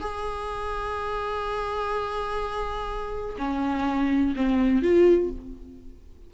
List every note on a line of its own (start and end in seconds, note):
0.00 3.36 G#4
3.38 4.34 C#4
4.36 4.82 C4
4.82 5.30 F4